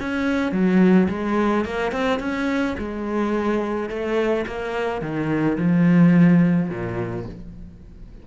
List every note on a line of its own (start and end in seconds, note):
0.00 0.52 C#4
0.52 1.08 F#3
1.09 1.65 G#3
1.65 1.92 A#3
1.92 2.20 C4
2.20 2.76 C#4
2.78 3.90 G#3
3.90 4.46 A3
4.47 5.02 A#3
5.02 5.58 D#3
5.58 6.70 F3
6.70 7.26 A#2